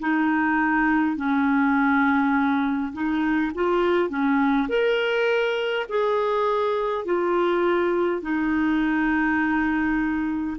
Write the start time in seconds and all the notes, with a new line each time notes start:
0.00 D#4
1.17 C#4
2.94 D#4
3.55 F4
4.10 C#4
4.69 A#4
5.89 G#4
7.05 F4
8.22 D#4